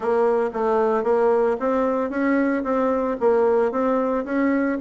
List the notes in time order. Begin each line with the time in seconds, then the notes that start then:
0.00 A#3
0.53 A3
1.03 A#3
1.59 C4
2.09 C#4
2.63 C4
3.20 A#3
3.71 C4
4.24 C#4